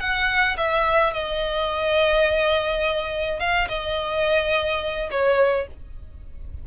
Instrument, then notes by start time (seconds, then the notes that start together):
violin
0.00 F#5
0.57 E5
1.13 D#5
3.40 F5
3.68 D#5
5.11 C#5